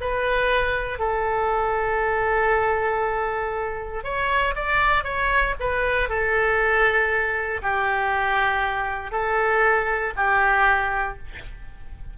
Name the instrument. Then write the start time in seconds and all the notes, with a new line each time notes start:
oboe
0.00 B4
0.98 A4
4.03 C#5
4.55 D5
5.03 C#5
5.59 B4
6.09 A4
7.62 G4
9.11 A4
10.16 G4